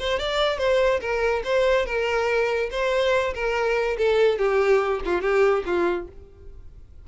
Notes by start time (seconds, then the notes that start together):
0.00 C5
0.19 D5
0.59 C5
1.01 A#4
1.45 C5
1.86 A#4
2.71 C5
3.35 A#4
3.98 A4
4.39 G4
5.05 F4
5.22 G4
5.66 F4